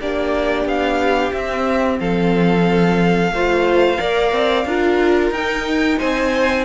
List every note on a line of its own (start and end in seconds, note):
0.00 0.65 A#3
0.00 1.33 D4
0.00 2.00 G4
0.00 0.67 D5
0.65 1.31 B3
0.65 1.33 F5
1.32 1.99 C4
1.32 3.33 C4
1.32 1.99 E5
1.99 3.31 F3
1.99 3.33 A4
1.99 5.32 F5
3.31 3.98 A3
3.31 3.97 F4
3.31 4.00 C5
3.97 4.32 A#3
3.97 4.64 A#4
3.97 4.67 D5
4.32 4.65 C4
4.65 5.30 D4
4.65 5.35 F4
4.65 5.98 A#4
5.30 5.97 D#4
5.30 6.65 D#4
5.30 5.98 G5
5.98 6.65 C4
5.98 6.65 C5
5.98 6.65 G#5